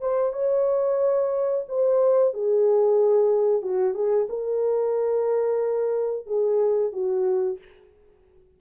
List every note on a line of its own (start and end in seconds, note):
0.00 0.33 C5
0.33 1.65 C#5
1.68 2.33 C5
2.33 3.62 G#4
3.62 3.94 F#4
3.94 4.27 G#4
4.29 6.26 A#4
6.26 6.92 G#4
6.92 7.58 F#4